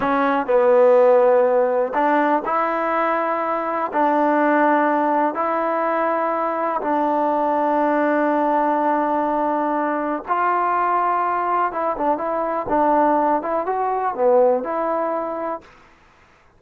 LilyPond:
\new Staff \with { instrumentName = "trombone" } { \time 4/4 \tempo 4 = 123 cis'4 b2. | d'4 e'2. | d'2. e'4~ | e'2 d'2~ |
d'1~ | d'4 f'2. | e'8 d'8 e'4 d'4. e'8 | fis'4 b4 e'2 | }